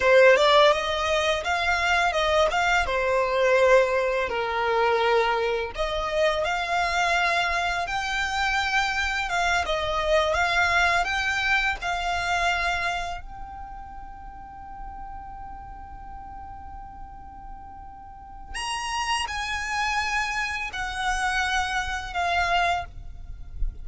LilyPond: \new Staff \with { instrumentName = "violin" } { \time 4/4 \tempo 4 = 84 c''8 d''8 dis''4 f''4 dis''8 f''8 | c''2 ais'2 | dis''4 f''2 g''4~ | g''4 f''8 dis''4 f''4 g''8~ |
g''8 f''2 g''4.~ | g''1~ | g''2 ais''4 gis''4~ | gis''4 fis''2 f''4 | }